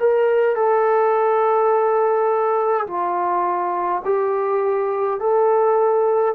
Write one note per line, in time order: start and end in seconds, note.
0.00 0.56 A#4
0.56 2.87 A4
2.87 4.02 F4
4.04 5.20 G4
5.20 6.35 A4